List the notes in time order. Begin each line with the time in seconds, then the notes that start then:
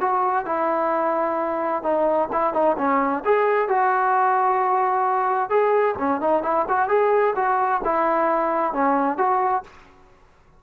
0.00 F#4
0.45 E4
1.83 D#4
2.32 E4
2.53 D#4
2.78 C#4
3.25 G#4
3.68 F#4
5.49 G#4
5.98 C#4
6.20 D#4
6.42 E4
6.68 F#4
6.88 G#4
7.35 F#4
7.84 E4
8.73 C#4
9.17 F#4